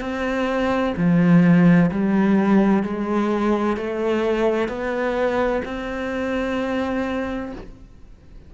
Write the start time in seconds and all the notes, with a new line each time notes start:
0.00 C4
0.96 F3
1.91 G3
2.83 G#3
3.77 A3
4.68 B3
5.65 C4